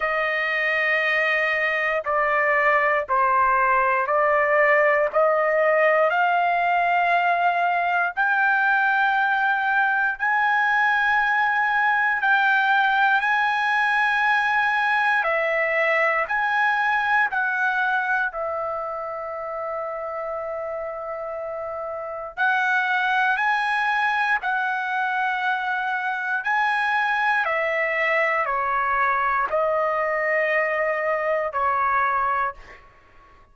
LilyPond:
\new Staff \with { instrumentName = "trumpet" } { \time 4/4 \tempo 4 = 59 dis''2 d''4 c''4 | d''4 dis''4 f''2 | g''2 gis''2 | g''4 gis''2 e''4 |
gis''4 fis''4 e''2~ | e''2 fis''4 gis''4 | fis''2 gis''4 e''4 | cis''4 dis''2 cis''4 | }